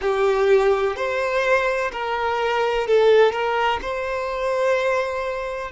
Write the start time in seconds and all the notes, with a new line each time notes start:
0.01 G4
0.96 C5
1.91 A#4
2.87 A4
3.32 A#4
3.81 C5